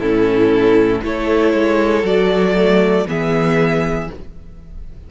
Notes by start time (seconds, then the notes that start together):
0.00 A2 C#4 E4 A4
1.03 A3 E4 A4 C#5
1.54 G#3
2.03 F#3 F#4 D5
2.56 A3
3.08 E3 B3 G#4 E5